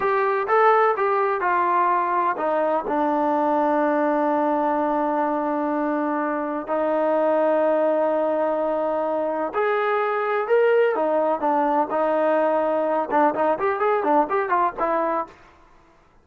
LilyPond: \new Staff \with { instrumentName = "trombone" } { \time 4/4 \tempo 4 = 126 g'4 a'4 g'4 f'4~ | f'4 dis'4 d'2~ | d'1~ | d'2 dis'2~ |
dis'1 | gis'2 ais'4 dis'4 | d'4 dis'2~ dis'8 d'8 | dis'8 g'8 gis'8 d'8 g'8 f'8 e'4 | }